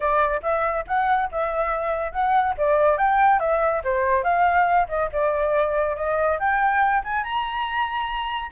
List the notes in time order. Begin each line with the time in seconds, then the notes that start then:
0.00 D5
0.42 E5
0.87 F#5
1.31 E5
2.12 F#5
2.57 D5
2.97 G5
3.39 E5
3.84 C5
4.23 F5
4.88 D#5
5.12 D5
5.96 D#5
6.39 G5
7.03 G#5
7.23 A#5